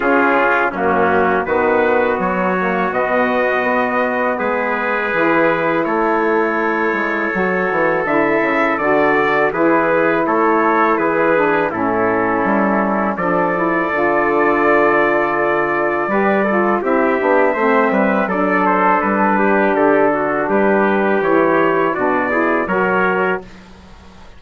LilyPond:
<<
  \new Staff \with { instrumentName = "trumpet" } { \time 4/4 \tempo 4 = 82 gis'4 fis'4 b'4 cis''4 | dis''2 b'2 | cis''2. e''4 | d''4 b'4 cis''4 b'4 |
a'2 d''2~ | d''2. e''4~ | e''4 d''8 c''8 b'4 a'4 | b'4 cis''4 d''4 cis''4 | }
  \new Staff \with { instrumentName = "trumpet" } { \time 4/4 f'4 cis'4 fis'2~ | fis'2 gis'2 | a'1~ | a'4 gis'4 a'4 gis'4 |
e'2 a'2~ | a'2 b'8 a'8 g'4 | c''8 b'8 a'4. g'4 fis'8 | g'2 fis'8 gis'8 ais'4 | }
  \new Staff \with { instrumentName = "saxophone" } { \time 4/4 cis'4 ais4 b4. ais8 | b2. e'4~ | e'2 fis'4 e'4 | fis'4 e'2~ e'8 d'8 |
cis'2 d'8 e'8 f'4~ | f'2 g'8 f'8 e'8 d'8 | c'4 d'2.~ | d'4 e'4 d'8 e'8 fis'4 | }
  \new Staff \with { instrumentName = "bassoon" } { \time 4/4 cis4 fis,4 dis4 fis4 | b,4 b4 gis4 e4 | a4. gis8 fis8 e8 d8 cis8 | d4 e4 a4 e4 |
a,4 g4 f4 d4~ | d2 g4 c'8 b8 | a8 g8 fis4 g4 d4 | g4 e4 b,4 fis4 | }
>>